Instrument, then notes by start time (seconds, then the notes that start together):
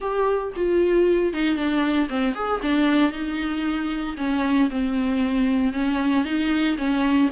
viola
0.00 G4
0.55 F4
1.33 D#4
1.55 D4
2.09 C4
2.34 G#4
2.61 D4
3.11 D#4
4.17 C#4
4.70 C4
5.72 C#4
6.24 D#4
6.77 C#4